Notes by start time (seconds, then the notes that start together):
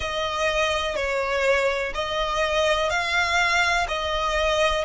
0.00 D#5
0.96 C#5
1.94 D#5
2.90 F5
3.88 D#5